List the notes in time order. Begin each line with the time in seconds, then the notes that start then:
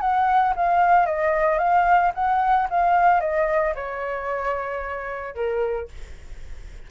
0.00 F#5
0.56 F5
1.06 D#5
1.58 F5
2.14 F#5
2.70 F5
3.20 D#5
3.75 C#5
5.34 A#4